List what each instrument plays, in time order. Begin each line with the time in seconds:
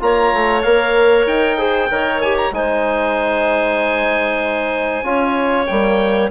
0.00 bassoon A#3, trombone F4, clarinet C#5, oboe A#5
0.33 bassoon A3
0.62 bassoon A#3, trombone A#4, oboe F5
1.26 bassoon D#4, oboe G5
1.57 trombone G#4, clarinet C5
1.90 bassoon D#3, trombone A#4, clarinet C#5
2.21 trombone G4, oboe G#5
2.37 oboe A#5
2.51 bassoon G#3, trombone D#4, clarinet C5, oboe G#5
5.02 bassoon C#4, trombone F4, clarinet C#5
5.66 bassoon G3, trombone A#3, oboe G5